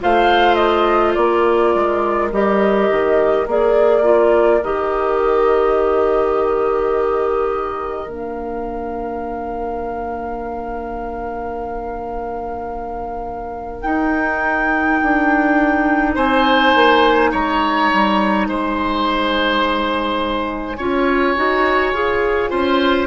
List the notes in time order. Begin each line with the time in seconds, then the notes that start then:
0.00 A3 F4 C5 F5
0.55 D#5
1.14 A#3 A#4 D5
1.75 G#3
2.32 G3 G4 D#5
2.91 D#3
3.46 A#3 G#4 D5
4.02 F4
4.63 D#3 G4 D#5
8.06 A#3 D4 F5
13.81 D#4 G5
15.02 D4
16.15 C4 C5 G#5
16.75 A#3
17.31 G#3 C#5 A#5
17.93 G3
18.48 G#3 C5 G#5
20.77 C#4 F4 C#5
21.36 D#4 F#4
21.93 F4 G#4
22.50 C#4 F4 C5